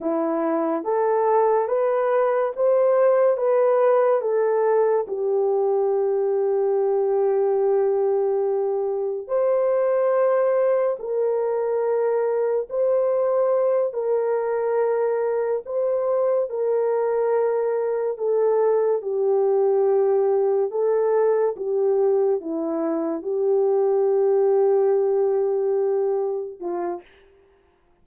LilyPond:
\new Staff \with { instrumentName = "horn" } { \time 4/4 \tempo 4 = 71 e'4 a'4 b'4 c''4 | b'4 a'4 g'2~ | g'2. c''4~ | c''4 ais'2 c''4~ |
c''8 ais'2 c''4 ais'8~ | ais'4. a'4 g'4.~ | g'8 a'4 g'4 e'4 g'8~ | g'2.~ g'8 f'8 | }